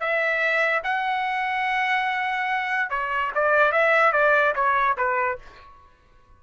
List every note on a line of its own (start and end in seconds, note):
0.00 0.83 E5
0.84 2.90 F#5
2.90 3.32 C#5
3.35 3.72 D5
3.72 4.13 E5
4.13 4.54 D5
4.55 4.97 C#5
4.97 5.39 B4